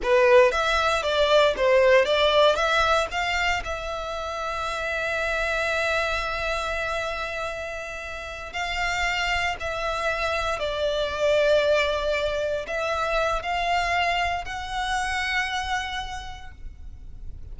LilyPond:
\new Staff \with { instrumentName = "violin" } { \time 4/4 \tempo 4 = 116 b'4 e''4 d''4 c''4 | d''4 e''4 f''4 e''4~ | e''1~ | e''1~ |
e''8 f''2 e''4.~ | e''8 d''2.~ d''8~ | d''8 e''4. f''2 | fis''1 | }